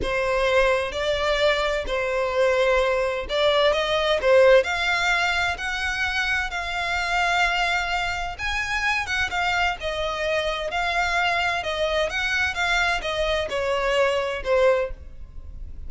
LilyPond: \new Staff \with { instrumentName = "violin" } { \time 4/4 \tempo 4 = 129 c''2 d''2 | c''2. d''4 | dis''4 c''4 f''2 | fis''2 f''2~ |
f''2 gis''4. fis''8 | f''4 dis''2 f''4~ | f''4 dis''4 fis''4 f''4 | dis''4 cis''2 c''4 | }